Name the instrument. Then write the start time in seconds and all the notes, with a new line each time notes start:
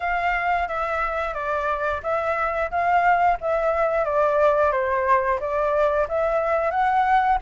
flute
0.00 F5
0.67 E5
1.33 D5
2.03 E5
2.70 F5
3.40 E5
4.04 D5
4.71 C5
5.39 D5
6.08 E5
6.70 F#5